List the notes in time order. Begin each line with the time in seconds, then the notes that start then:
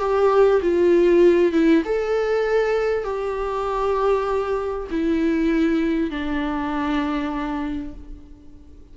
0.00 G4
0.62 F4
1.53 E4
1.85 A4
3.04 G4
4.91 E4
6.11 D4